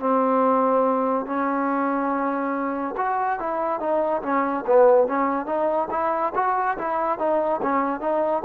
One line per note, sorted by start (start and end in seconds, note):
0.00 1.26 C4
1.26 2.95 C#4
2.98 3.40 F#4
3.40 3.80 E4
3.80 4.23 D#4
4.23 4.65 C#4
4.67 5.08 B3
5.08 5.46 C#4
5.46 5.88 D#4
5.91 6.33 E4
6.35 6.78 F#4
6.78 7.19 E4
7.19 7.61 D#4
7.62 8.01 C#4
8.01 8.43 D#4